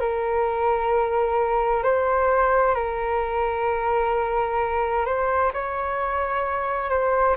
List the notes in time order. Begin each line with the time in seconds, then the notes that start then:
0.00 A#4
1.83 C5
2.75 A#4
5.06 C5
5.53 C#5
6.90 C5